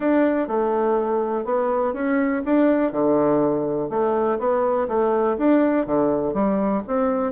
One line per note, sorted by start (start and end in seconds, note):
0.00 0.47 D4
0.47 1.44 A3
1.44 1.93 B3
1.93 2.42 C#4
2.45 2.91 D4
2.91 3.89 D3
3.89 4.38 A3
4.39 4.87 B3
4.88 5.36 A3
5.37 5.86 D4
5.86 6.33 D3
6.33 6.82 G3
6.87 7.32 C4